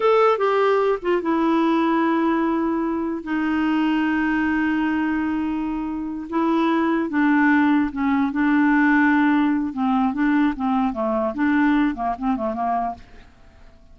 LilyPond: \new Staff \with { instrumentName = "clarinet" } { \time 4/4 \tempo 4 = 148 a'4 g'4. f'8 e'4~ | e'1 | dis'1~ | dis'2.~ dis'8 e'8~ |
e'4. d'2 cis'8~ | cis'8 d'2.~ d'8 | c'4 d'4 c'4 a4 | d'4. ais8 c'8 a8 ais4 | }